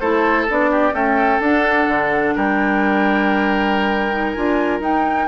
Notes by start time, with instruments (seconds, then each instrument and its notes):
0.00 bassoon A3, clarinet E4, oboe A4, flute C5
0.50 bassoon B3, clarinet D4, flute D5
0.71 oboe G4
0.92 clarinet A3, bassoon C#4, oboe A4, flute G5
1.41 bassoon D4, clarinet D4, flute F#5
1.88 bassoon D3
2.36 bassoon G3, oboe A#4, flute G5
4.13 clarinet D#4
4.32 bassoon D4, clarinet F4, flute G#5
4.81 bassoon D#4, clarinet D#4, flute G5